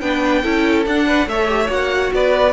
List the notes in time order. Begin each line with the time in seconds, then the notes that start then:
0.00 B3 D4 B4 G5
0.43 C#4 E4 A4
0.86 D4 F#5
1.07 B4
1.26 A3 A4 C#5 E5
1.49 G4
1.66 A#3 F#4 F#5
2.13 B3 B4 D5